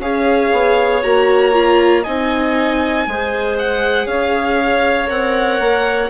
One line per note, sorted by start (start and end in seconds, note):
0.00 0.51 C#4
0.00 1.04 G#4
0.00 2.03 C#5
0.00 1.03 F5
0.53 1.04 B3
1.03 2.06 A#3
1.03 1.53 F#4
1.03 2.04 A#5
1.53 2.04 F4
2.03 3.07 C4
2.03 3.08 D#4
2.03 3.05 D#5
2.03 3.56 G#5
3.07 4.07 G#3
3.07 5.07 G#4
3.07 4.07 C5
3.59 4.07 F#5
4.07 5.08 C#4
4.07 6.10 C#5
4.07 5.09 F5
5.07 5.60 C4
5.07 6.08 A#4
5.07 6.10 F#5
5.60 6.10 A#3